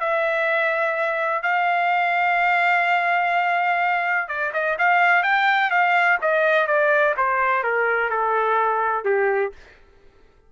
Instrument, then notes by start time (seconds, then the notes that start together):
trumpet
0.00 E5
1.43 F5
4.29 D5
4.54 D#5
4.79 F5
5.23 G5
5.71 F5
6.21 D#5
6.67 D5
7.17 C5
7.63 A#4
8.10 A4
9.05 G4